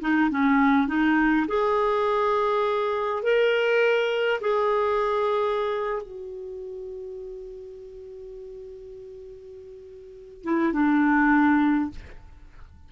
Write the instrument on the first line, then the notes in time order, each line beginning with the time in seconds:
clarinet
0.00 D#4
0.30 C#4
0.87 D#4
1.47 G#4
3.22 A#4
4.41 G#4
6.02 F#4
10.43 E4
10.72 D4